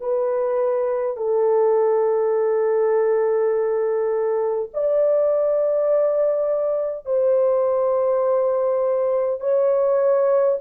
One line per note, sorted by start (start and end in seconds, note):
0.00 1.17 B4
1.17 4.70 A4
4.73 7.05 D5
7.05 9.40 C5
9.40 10.58 C#5